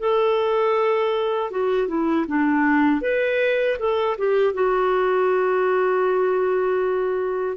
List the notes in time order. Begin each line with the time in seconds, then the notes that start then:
0.00 A4
1.51 F#4
1.88 E4
2.28 D4
3.02 B4
3.79 A4
4.18 G4
4.54 F#4